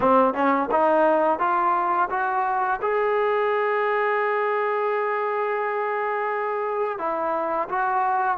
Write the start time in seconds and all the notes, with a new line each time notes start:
0.00 C4
0.34 C#4
0.71 D#4
1.39 F4
2.10 F#4
2.81 G#4
6.98 E4
7.68 F#4